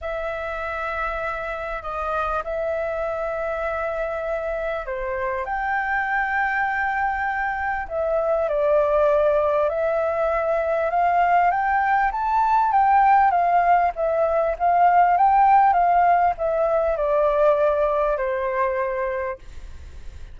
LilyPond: \new Staff \with { instrumentName = "flute" } { \time 4/4 \tempo 4 = 99 e''2. dis''4 | e''1 | c''4 g''2.~ | g''4 e''4 d''2 |
e''2 f''4 g''4 | a''4 g''4 f''4 e''4 | f''4 g''4 f''4 e''4 | d''2 c''2 | }